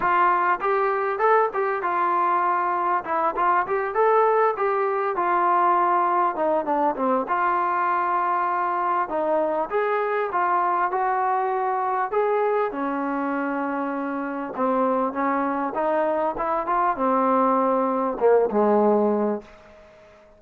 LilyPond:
\new Staff \with { instrumentName = "trombone" } { \time 4/4 \tempo 4 = 99 f'4 g'4 a'8 g'8 f'4~ | f'4 e'8 f'8 g'8 a'4 g'8~ | g'8 f'2 dis'8 d'8 c'8 | f'2. dis'4 |
gis'4 f'4 fis'2 | gis'4 cis'2. | c'4 cis'4 dis'4 e'8 f'8 | c'2 ais8 gis4. | }